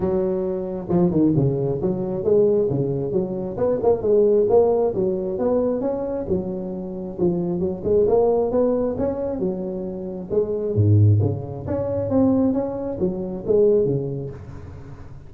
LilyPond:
\new Staff \with { instrumentName = "tuba" } { \time 4/4 \tempo 4 = 134 fis2 f8 dis8 cis4 | fis4 gis4 cis4 fis4 | b8 ais8 gis4 ais4 fis4 | b4 cis'4 fis2 |
f4 fis8 gis8 ais4 b4 | cis'4 fis2 gis4 | gis,4 cis4 cis'4 c'4 | cis'4 fis4 gis4 cis4 | }